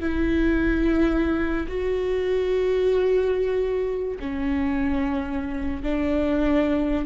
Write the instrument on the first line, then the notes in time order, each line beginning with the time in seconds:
viola
0.00 E4
1.68 F#4
4.19 C#4
5.83 D4